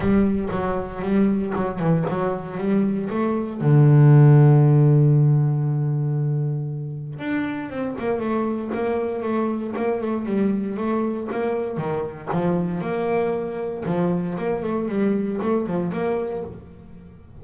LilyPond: \new Staff \with { instrumentName = "double bass" } { \time 4/4 \tempo 4 = 117 g4 fis4 g4 fis8 e8 | fis4 g4 a4 d4~ | d1~ | d2 d'4 c'8 ais8 |
a4 ais4 a4 ais8 a8 | g4 a4 ais4 dis4 | f4 ais2 f4 | ais8 a8 g4 a8 f8 ais4 | }